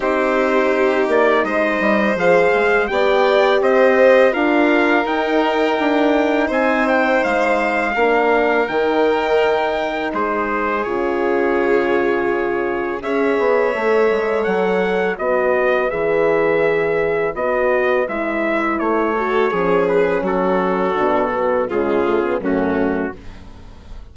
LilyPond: <<
  \new Staff \with { instrumentName = "trumpet" } { \time 4/4 \tempo 4 = 83 c''4. d''8 dis''4 f''4 | g''4 dis''4 f''4 g''4~ | g''4 gis''8 g''8 f''2 | g''2 c''4 cis''4~ |
cis''2 e''2 | fis''4 dis''4 e''2 | dis''4 e''4 cis''4. b'8 | a'2 gis'4 fis'4 | }
  \new Staff \with { instrumentName = "violin" } { \time 4/4 g'2 c''2 | d''4 c''4 ais'2~ | ais'4 c''2 ais'4~ | ais'2 gis'2~ |
gis'2 cis''2~ | cis''4 b'2.~ | b'2~ b'8 a'8 gis'4 | fis'2 f'4 cis'4 | }
  \new Staff \with { instrumentName = "horn" } { \time 4/4 dis'2. gis'4 | g'2 f'4 dis'4~ | dis'2. d'4 | dis'2. f'4~ |
f'2 gis'4 a'4~ | a'4 fis'4 gis'2 | fis'4 e'4. fis'8 cis'4~ | cis'4 d'8 b8 gis8 a16 b16 a4 | }
  \new Staff \with { instrumentName = "bassoon" } { \time 4/4 c'4. ais8 gis8 g8 f8 gis8 | b4 c'4 d'4 dis'4 | d'4 c'4 gis4 ais4 | dis2 gis4 cis4~ |
cis2 cis'8 b8 a8 gis8 | fis4 b4 e2 | b4 gis4 a4 f4 | fis4 b,4 cis4 fis,4 | }
>>